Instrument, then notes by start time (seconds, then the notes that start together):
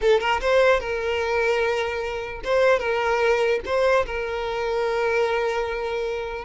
violin
0.01 A4
0.20 A#4
0.40 C5
0.80 A#4
2.44 C5
2.79 A#4
3.65 C5
4.06 A#4